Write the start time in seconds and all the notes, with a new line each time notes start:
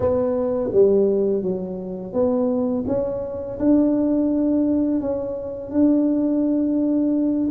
0.00 B3
0.72 G3
1.42 F#3
2.13 B3
2.87 C#4
3.59 D4
5.00 C#4
5.70 D4